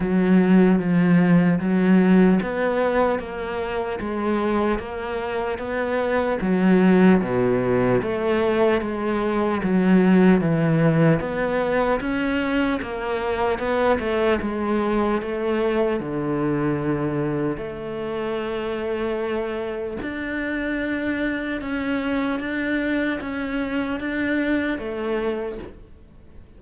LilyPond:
\new Staff \with { instrumentName = "cello" } { \time 4/4 \tempo 4 = 75 fis4 f4 fis4 b4 | ais4 gis4 ais4 b4 | fis4 b,4 a4 gis4 | fis4 e4 b4 cis'4 |
ais4 b8 a8 gis4 a4 | d2 a2~ | a4 d'2 cis'4 | d'4 cis'4 d'4 a4 | }